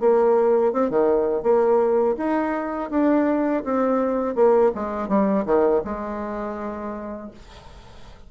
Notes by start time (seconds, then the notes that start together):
0.00 A#3
0.73 C4
0.89 D#3
1.43 A#3
2.17 D#4
2.90 D4
3.64 C4
4.35 A#3
4.75 G#3
5.08 G3
5.45 D#3
5.84 G#3